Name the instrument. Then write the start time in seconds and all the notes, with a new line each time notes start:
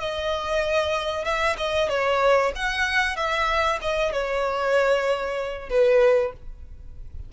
violin
0.00 D#5
1.25 E5
1.58 D#5
1.89 C#5
2.56 F#5
3.16 E5
3.82 D#5
4.13 C#5
5.70 B4